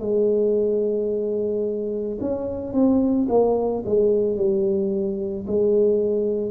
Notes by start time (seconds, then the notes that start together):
0.00 G#3
2.21 C#4
2.73 C4
3.29 A#3
3.86 G#3
4.37 G3
5.47 G#3